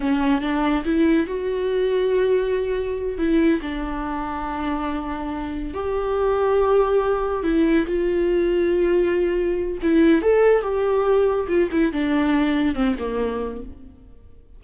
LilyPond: \new Staff \with { instrumentName = "viola" } { \time 4/4 \tempo 4 = 141 cis'4 d'4 e'4 fis'4~ | fis'2.~ fis'8 e'8~ | e'8 d'2.~ d'8~ | d'4. g'2~ g'8~ |
g'4. e'4 f'4.~ | f'2. e'4 | a'4 g'2 f'8 e'8 | d'2 c'8 ais4. | }